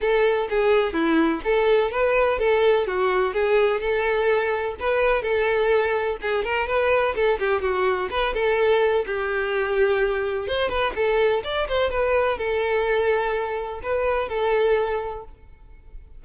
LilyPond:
\new Staff \with { instrumentName = "violin" } { \time 4/4 \tempo 4 = 126 a'4 gis'4 e'4 a'4 | b'4 a'4 fis'4 gis'4 | a'2 b'4 a'4~ | a'4 gis'8 ais'8 b'4 a'8 g'8 |
fis'4 b'8 a'4. g'4~ | g'2 c''8 b'8 a'4 | d''8 c''8 b'4 a'2~ | a'4 b'4 a'2 | }